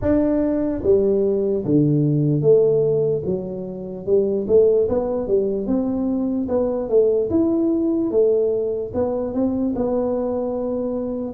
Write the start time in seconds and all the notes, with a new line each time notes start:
0.01 D4
0.83 G3
1.64 D3
2.41 A3
3.25 F#3
4.05 G3
4.47 A3
4.89 B3
5.27 G3
5.66 C4
6.48 B3
6.89 A3
7.30 E4
8.10 A3
8.94 B3
9.34 C4
9.75 B3